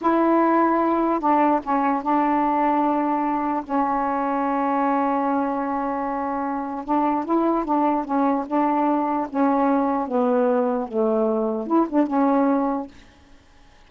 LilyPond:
\new Staff \with { instrumentName = "saxophone" } { \time 4/4 \tempo 4 = 149 e'2. d'4 | cis'4 d'2.~ | d'4 cis'2.~ | cis'1~ |
cis'4 d'4 e'4 d'4 | cis'4 d'2 cis'4~ | cis'4 b2 a4~ | a4 e'8 d'8 cis'2 | }